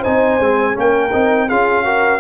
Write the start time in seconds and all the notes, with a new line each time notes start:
0.00 C4 D#4 C5 G#5
0.39 G#3 C4
0.74 A#3 C#4 A#4 G5
1.12 C4 D#4
1.47 C#4 F4 G#4 F5
1.84 F#4 A#4